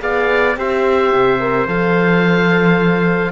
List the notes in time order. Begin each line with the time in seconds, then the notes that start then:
0.00 B3 G#4 D5 F5
0.57 C4 G4 C5 E5
1.13 C3
1.40 A#4
1.67 F3 A4 F5